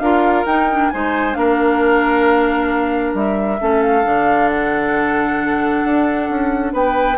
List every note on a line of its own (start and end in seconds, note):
0.00 0.45 D4
0.00 0.47 F4
0.00 0.93 A#4
0.00 0.45 F5
0.46 0.90 D#4
0.46 0.71 D#4
0.46 0.90 G5
0.71 0.93 D4
0.90 1.37 G#3
0.90 1.33 D#4
0.90 1.38 C5
0.90 1.35 G#5
1.33 3.15 A#3
1.33 3.57 D4
1.33 3.61 A#4
1.33 3.14 F5
3.15 3.59 G3
3.15 3.83 E5
3.61 4.06 A3
3.61 4.04 C#4
3.61 6.74 A4
3.83 4.49 F5
4.04 5.85 D3
4.04 7.18 D4
4.49 6.73 F#5
5.85 6.30 D4
6.30 6.74 C#4
6.74 7.18 B3
6.74 7.18 B4
6.74 7.18 G5